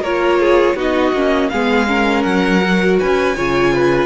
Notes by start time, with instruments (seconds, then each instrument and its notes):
0.00 cello A#3, viola F4, violin A#4 C#5
0.39 violin G#4
0.75 cello B3, viola D#4, violin F#4 D#5
1.12 cello A#3, viola C#4
1.49 cello G#3, viola B3, violin G#4 F5
1.87 viola C#4, violin A#4
2.22 cello F#3, violin F#5
2.61 viola F#4
2.99 cello C#4, violin B4 G#5
3.36 cello C#3, viola F4, violin C#5
3.73 violin B4